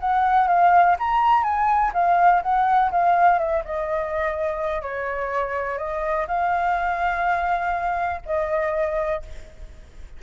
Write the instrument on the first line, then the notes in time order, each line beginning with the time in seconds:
flute
0.00 F#5
0.48 F5
0.99 A#5
1.43 G#5
1.94 F5
2.43 F#5
2.91 F5
3.39 E5
3.65 D#5
4.82 C#5
5.78 D#5
6.28 F5
8.26 D#5